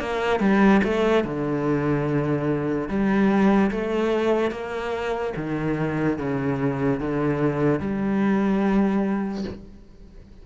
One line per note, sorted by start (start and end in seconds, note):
0.00 0.40 A#3
0.40 0.81 G3
0.84 1.24 A3
1.24 2.88 D3
2.88 3.71 G3
3.71 4.51 A3
4.51 5.33 A#3
5.36 6.18 D#3
6.18 7.00 C#3
7.00 7.80 D3
7.80 9.44 G3